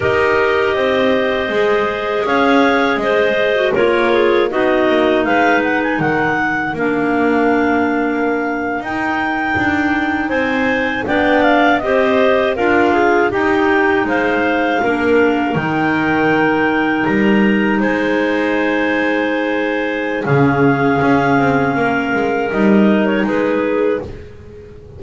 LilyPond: <<
  \new Staff \with { instrumentName = "clarinet" } { \time 4/4 \tempo 4 = 80 dis''2. f''4 | dis''4 cis''4 dis''4 f''8 fis''16 gis''16 | fis''4 f''2~ f''8. g''16~ | g''4.~ g''16 gis''4 g''8 f''8 dis''16~ |
dis''8. f''4 g''4 f''4~ f''16~ | f''8. g''2 ais''4 gis''16~ | gis''2. f''4~ | f''2 dis''8. cis''16 b'4 | }
  \new Staff \with { instrumentName = "clarinet" } { \time 4/4 ais'4 c''2 cis''4 | c''4 ais'8 gis'8 fis'4 b'4 | ais'1~ | ais'4.~ ais'16 c''4 d''4 c''16~ |
c''8. ais'8 gis'8 g'4 c''4 ais'16~ | ais'2.~ ais'8. c''16~ | c''2. gis'4~ | gis'4 ais'2 gis'4 | }
  \new Staff \with { instrumentName = "clarinet" } { \time 4/4 g'2 gis'2~ | gis'8. fis'16 f'4 dis'2~ | dis'4 d'2~ d'8. dis'16~ | dis'2~ dis'8. d'4 g'16~ |
g'8. f'4 dis'2 d'16~ | d'8. dis'2.~ dis'16~ | dis'2. cis'4~ | cis'2 dis'2 | }
  \new Staff \with { instrumentName = "double bass" } { \time 4/4 dis'4 c'4 gis4 cis'4 | gis4 ais4 b8 ais8 gis4 | dis4 ais2~ ais8. dis'16~ | dis'8. d'4 c'4 b4 c'16~ |
c'8. d'4 dis'4 gis4 ais16~ | ais8. dis2 g4 gis16~ | gis2. cis4 | cis'8 c'8 ais8 gis8 g4 gis4 | }
>>